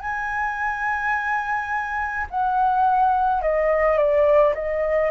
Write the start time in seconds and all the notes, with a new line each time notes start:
0.00 G#5
2.30 F#5
3.41 D#5
3.97 D5
4.54 D#5